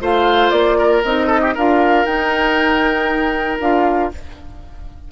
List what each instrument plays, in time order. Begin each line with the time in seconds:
0.00 bassoon A3, clarinet F4, oboe C5, flute F5
0.50 bassoon A#3, flute D5
0.78 oboe A#4
1.04 bassoon C4, clarinet D#4, flute D#5
1.27 oboe A4
1.41 oboe G4
1.54 bassoon D4, clarinet F4, oboe A#4, flute F5
2.05 bassoon D#4, clarinet D#4, flute G5
3.60 bassoon D4, clarinet F4, flute F5